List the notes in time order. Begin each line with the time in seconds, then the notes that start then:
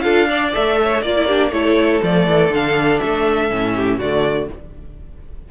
0.00 D4 F4 A4 F5
0.29 D4 D5
0.53 A3 A4 E5
0.83 C#5
1.02 A#3 F4 D5
1.17 E4
1.27 D4 G4
1.51 A3 E4 A4 C#5
2.03 F3 A3 D5
2.27 E3
2.50 D3 D4 F5
3.00 A3 E5
3.50 A2 C#4
3.75 G4
3.99 D3 A3 F#4 D5